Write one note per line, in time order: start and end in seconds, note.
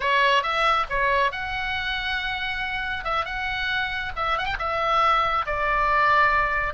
0.00 0.42 C#5
0.42 0.86 E5
0.89 1.31 C#5
1.31 3.04 F#5
3.04 3.25 E5
3.25 4.12 F#5
4.16 4.37 E5
4.37 4.45 F#5
4.45 4.56 G5
4.58 5.45 E5
5.46 6.73 D5